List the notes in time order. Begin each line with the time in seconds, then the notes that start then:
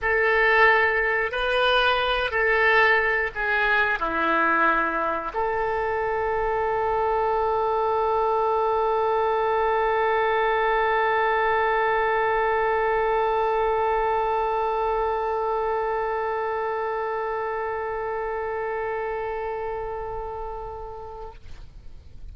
0.01 A4
1.32 B4
2.30 A4
3.35 G#4
3.99 E4
5.33 A4